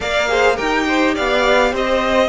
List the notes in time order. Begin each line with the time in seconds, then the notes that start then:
0.00 A#3 A#4 D5 F5
0.27 G#4 C5
0.55 D#4 G4 A#4 G5
0.87 C5
1.14 B3 D5 F5
1.72 C4 C5 D#5